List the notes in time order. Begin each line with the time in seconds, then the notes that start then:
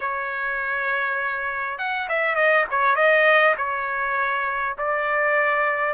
0.00 C#5
1.78 F#5
2.08 E5
2.35 D#5
2.70 C#5
2.95 D#5
3.57 C#5
4.77 D5